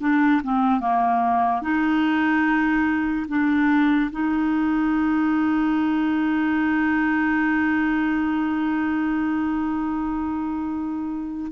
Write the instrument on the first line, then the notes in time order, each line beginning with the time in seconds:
clarinet
0.00 D4
0.43 C4
0.80 A#3
1.61 D#4
3.28 D4
4.11 D#4